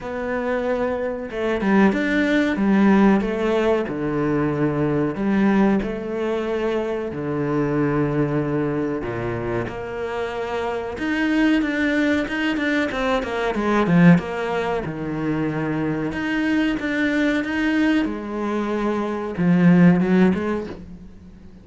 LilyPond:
\new Staff \with { instrumentName = "cello" } { \time 4/4 \tempo 4 = 93 b2 a8 g8 d'4 | g4 a4 d2 | g4 a2 d4~ | d2 ais,4 ais4~ |
ais4 dis'4 d'4 dis'8 d'8 | c'8 ais8 gis8 f8 ais4 dis4~ | dis4 dis'4 d'4 dis'4 | gis2 f4 fis8 gis8 | }